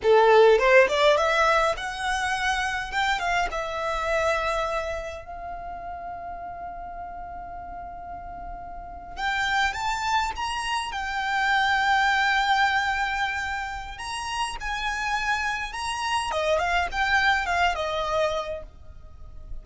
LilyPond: \new Staff \with { instrumentName = "violin" } { \time 4/4 \tempo 4 = 103 a'4 c''8 d''8 e''4 fis''4~ | fis''4 g''8 f''8 e''2~ | e''4 f''2.~ | f''2.~ f''8. g''16~ |
g''8. a''4 ais''4 g''4~ g''16~ | g''1 | ais''4 gis''2 ais''4 | dis''8 f''8 g''4 f''8 dis''4. | }